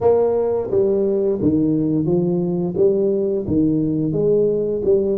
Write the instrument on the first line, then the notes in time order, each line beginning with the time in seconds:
tuba
0.01 A#3
0.71 G3
1.41 D#3
2.05 F3
2.76 G3
3.47 D#3
4.12 G#3
4.84 G3